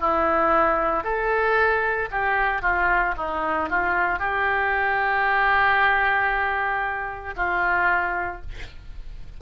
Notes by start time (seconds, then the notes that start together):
0.00 E4
1.04 A4
2.11 G4
2.62 F4
3.17 D#4
3.69 F4
4.19 G4
7.37 F4